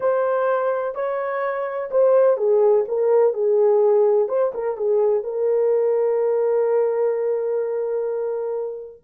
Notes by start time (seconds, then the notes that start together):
0.00 C5
0.94 C#5
1.90 C5
2.37 G#4
2.88 A#4
3.33 G#4
4.28 C5
4.53 A#4
4.77 G#4
5.23 A#4